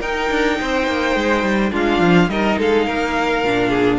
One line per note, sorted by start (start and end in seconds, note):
0.00 0.30 D#4
0.00 1.71 D#4
0.00 0.57 A#4
0.00 1.72 G5
0.30 0.59 D4
0.60 0.87 C4
0.60 1.72 C5
0.87 1.16 A#3
1.16 1.43 G#3
1.43 1.71 G3
1.71 2.00 G#3
1.71 2.28 D4
1.71 2.29 F4
1.71 2.30 F5
2.00 2.28 F3
2.28 2.57 G3
2.28 3.44 D#4
2.28 2.59 A#4
2.28 2.58 D#5
2.59 2.87 G#3
2.59 2.86 A4
2.59 3.99 F5
2.86 3.44 A#3
2.86 3.69 A#4
3.44 3.99 A#2
3.44 3.99 D4
3.69 3.98 G#4